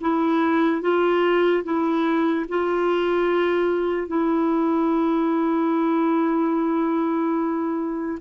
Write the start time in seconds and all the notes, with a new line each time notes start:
0.00 E4
0.81 F4
1.63 E4
2.48 F4
4.07 E4